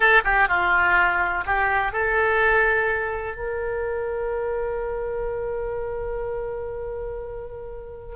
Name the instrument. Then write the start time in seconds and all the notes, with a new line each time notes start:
oboe
0.00 A4
0.24 G4
0.48 F4
1.46 G4
1.92 A4
3.36 A#4